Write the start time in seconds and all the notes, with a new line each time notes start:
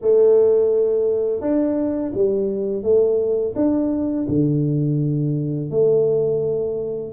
0.01 A3
1.40 D4
2.14 G3
2.82 A3
3.55 D4
4.28 D3
5.70 A3